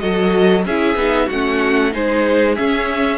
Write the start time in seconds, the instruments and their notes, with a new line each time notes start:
0.00 cello F#3, viola F#4, violin A4 D#5
0.66 cello C#4, viola E4, violin G#4 E5
0.96 cello B3, viola D#4
1.27 cello A3, viola C#4, violin F#4 F#5
1.92 cello G#3, viola D#4, violin G#4 C5
2.56 viola C#4, cello C#4, violin E5